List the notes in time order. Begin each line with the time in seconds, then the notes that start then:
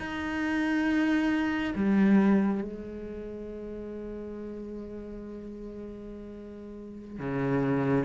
0.00 D#4
1.76 G3
2.63 G#3
7.20 C#3